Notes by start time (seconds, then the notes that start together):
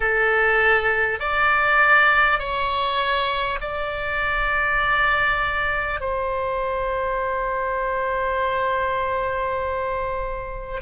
0.00 A4
1.19 D5
2.39 C#5
3.60 D5
6.00 C5